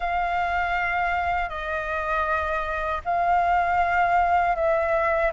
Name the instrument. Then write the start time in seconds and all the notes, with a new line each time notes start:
flute
0.00 F5
1.49 D#5
3.04 F5
4.55 E5